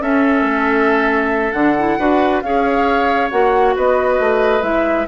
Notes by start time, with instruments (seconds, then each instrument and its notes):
0.00 clarinet C#4, bassoon C#4, oboe A4, flute E5
0.41 bassoon A3
1.52 bassoon D3, clarinet D4, flute F#5
1.78 clarinet E4
1.99 bassoon D4, clarinet F#4, oboe B4
2.41 bassoon C#4, clarinet G#4, oboe C#5, flute F5
3.30 bassoon A#3, clarinet F#4, flute F#5
3.75 bassoon B3, oboe B4, flute D#5
4.19 bassoon A3
4.61 bassoon G#3, clarinet E4, flute E5